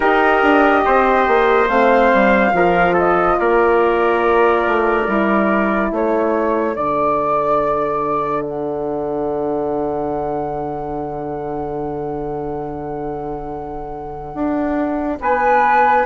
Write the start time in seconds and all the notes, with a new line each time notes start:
0.00 D#4 G4 A#4 D#5
0.42 D4
0.85 C4 C5
1.27 A#3
1.68 A3 C4 F5
2.13 G3
2.52 F3 F4 A#4
2.93 A4 D#5
3.39 A#3 A#4 D5
4.66 A3
5.07 G3 E4
5.91 A3 A4 C#5
6.75 D3 D4 D5
8.42 F#5
14.34 D4
15.20 B3 B4 G#5